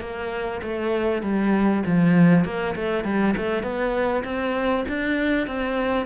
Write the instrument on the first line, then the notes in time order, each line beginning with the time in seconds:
cello
0.00 A#3
0.62 A3
1.22 G3
1.86 F3
2.45 A#3
2.75 A3
3.04 G3
3.37 A3
3.63 B3
4.24 C4
4.88 D4
5.47 C4